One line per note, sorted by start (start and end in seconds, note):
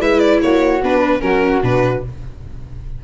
0.00 0.41 G#3
0.00 0.81 E4
0.00 0.41 B4
0.00 0.19 E5
0.19 0.39 D5
0.42 0.82 A#3
0.42 0.97 F#4
0.42 0.82 C#5
0.82 1.22 B3
0.82 1.20 D4
0.82 1.20 B4
0.97 1.18 B4
1.20 1.62 F#3
1.20 1.60 C#4
1.20 2.04 F#4
1.20 1.61 A#4
1.62 2.03 B2
1.62 2.02 D4
1.62 2.04 B4